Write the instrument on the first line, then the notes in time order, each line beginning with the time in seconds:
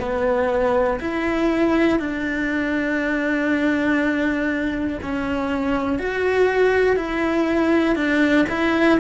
cello
0.00 B3
1.00 E4
2.00 D4
5.03 C#4
5.99 F#4
6.97 E4
7.96 D4
8.49 E4